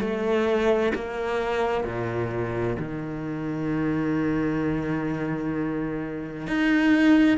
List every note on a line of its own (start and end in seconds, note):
0.00 0.92 A3
0.95 1.84 A#3
1.84 2.77 A#2
2.79 6.47 D#3
6.47 7.38 D#4